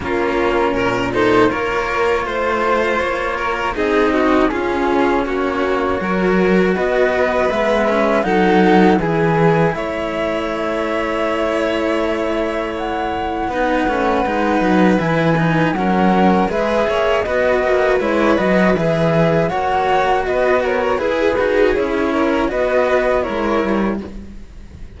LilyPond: <<
  \new Staff \with { instrumentName = "flute" } { \time 4/4 \tempo 4 = 80 ais'4. c''8 cis''4 c''4 | cis''4 dis''4 gis'4 cis''4~ | cis''4 dis''4 e''4 fis''4 | gis''4 e''2.~ |
e''4 fis''2. | gis''4 fis''4 e''4 dis''4 | cis''8 dis''8 e''4 fis''4 dis''8 cis''8 | b'4 cis''4 dis''4 cis''4 | }
  \new Staff \with { instrumentName = "violin" } { \time 4/4 f'4 ais'8 a'8 ais'4 c''4~ | c''8 ais'8 gis'8 fis'8 f'4 fis'4 | ais'4 b'2 a'4 | gis'4 cis''2.~ |
cis''2 b'2~ | b'4 ais'4 b'8 cis''8 b'4~ | b'2 cis''4 b'8 ais'8 | gis'4. ais'8 b'4 ais'4 | }
  \new Staff \with { instrumentName = "cello" } { \time 4/4 cis'4. dis'8 f'2~ | f'4 dis'4 cis'2 | fis'2 b8 cis'8 dis'4 | e'1~ |
e'2 dis'8 cis'8 dis'4 | e'8 dis'8 cis'4 gis'4 fis'4 | e'8 fis'8 gis'4 fis'2 | gis'8 fis'8 e'4 fis'4 e'4 | }
  \new Staff \with { instrumentName = "cello" } { \time 4/4 ais4 ais,4 ais4 a4 | ais4 c'4 cis'4 ais4 | fis4 b4 gis4 fis4 | e4 a2.~ |
a2 b8 a8 gis8 fis8 | e4 fis4 gis8 ais8 b8 ais8 | gis8 fis8 e4 ais4 b4 | e'8 dis'8 cis'4 b4 gis8 g8 | }
>>